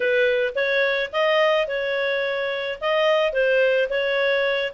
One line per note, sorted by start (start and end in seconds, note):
0.00 0.53 B4
0.55 1.11 C#5
1.12 1.67 D#5
1.67 2.79 C#5
2.80 3.32 D#5
3.32 3.88 C5
3.89 4.72 C#5